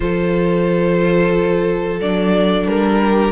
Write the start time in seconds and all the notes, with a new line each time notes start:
0.00 F3 F4 A4 C5
2.00 F#3 D4 D5
2.66 G3 A#4
3.03 G4